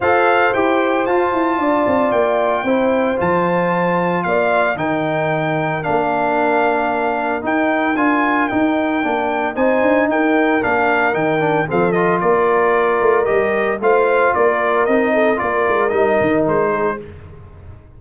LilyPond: <<
  \new Staff \with { instrumentName = "trumpet" } { \time 4/4 \tempo 4 = 113 f''4 g''4 a''2 | g''2 a''2 | f''4 g''2 f''4~ | f''2 g''4 gis''4 |
g''2 gis''4 g''4 | f''4 g''4 f''8 dis''8 d''4~ | d''4 dis''4 f''4 d''4 | dis''4 d''4 dis''4 c''4 | }
  \new Staff \with { instrumentName = "horn" } { \time 4/4 c''2. d''4~ | d''4 c''2. | d''4 ais'2.~ | ais'1~ |
ais'2 c''4 ais'4~ | ais'2 a'4 ais'4~ | ais'2 c''4 ais'4~ | ais'8 a'8 ais'2~ ais'8 gis'8 | }
  \new Staff \with { instrumentName = "trombone" } { \time 4/4 a'4 g'4 f'2~ | f'4 e'4 f'2~ | f'4 dis'2 d'4~ | d'2 dis'4 f'4 |
dis'4 d'4 dis'2 | d'4 dis'8 d'8 c'8 f'4.~ | f'4 g'4 f'2 | dis'4 f'4 dis'2 | }
  \new Staff \with { instrumentName = "tuba" } { \time 4/4 f'4 e'4 f'8 e'8 d'8 c'8 | ais4 c'4 f2 | ais4 dis2 ais4~ | ais2 dis'4 d'4 |
dis'4 ais4 c'8 d'8 dis'4 | ais4 dis4 f4 ais4~ | ais8 a8 g4 a4 ais4 | c'4 ais8 gis8 g8 dis8 gis4 | }
>>